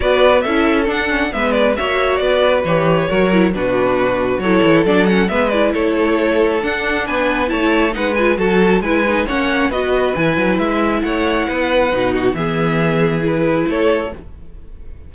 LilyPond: <<
  \new Staff \with { instrumentName = "violin" } { \time 4/4 \tempo 4 = 136 d''4 e''4 fis''4 e''8 d''8 | e''4 d''4 cis''2 | b'2 cis''4 d''8 fis''8 | e''8 d''8 cis''2 fis''4 |
gis''4 a''4 fis''8 gis''8 a''4 | gis''4 fis''4 dis''4 gis''4 | e''4 fis''2. | e''2 b'4 cis''4 | }
  \new Staff \with { instrumentName = "violin" } { \time 4/4 b'4 a'2 b'4 | cis''4 b'2 ais'4 | fis'2 a'2 | b'4 a'2. |
b'4 cis''4 b'4 a'4 | b'4 cis''4 b'2~ | b'4 cis''4 b'4. fis'8 | gis'2. a'4 | }
  \new Staff \with { instrumentName = "viola" } { \time 4/4 fis'4 e'4 d'8 cis'8 b4 | fis'2 g'4 fis'8 e'8 | d'2 e'4 d'8 cis'8 | b8 e'2~ e'8 d'4~ |
d'4 e'4 dis'8 f'8 fis'4 | e'8 dis'8 cis'4 fis'4 e'4~ | e'2. dis'4 | b2 e'2 | }
  \new Staff \with { instrumentName = "cello" } { \time 4/4 b4 cis'4 d'4 gis4 | ais4 b4 e4 fis4 | b,2 fis8 e8 fis4 | gis4 a2 d'4 |
b4 a4 gis4 fis4 | gis4 ais4 b4 e8 fis8 | gis4 a4 b4 b,4 | e2. a4 | }
>>